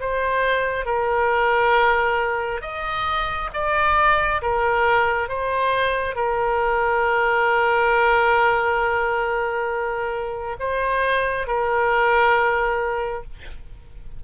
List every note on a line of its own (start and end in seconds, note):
0.00 0.85 C5
0.85 2.61 A#4
2.61 3.50 D#5
3.53 4.41 D5
4.42 5.29 A#4
5.29 6.15 C5
6.15 10.56 A#4
10.59 11.47 C5
11.47 13.23 A#4